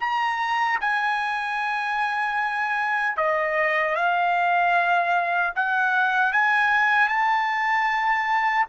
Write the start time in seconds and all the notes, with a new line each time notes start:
0.00 A#5
0.80 G#5
3.17 D#5
3.95 F5
5.56 F#5
6.32 G#5
7.08 A5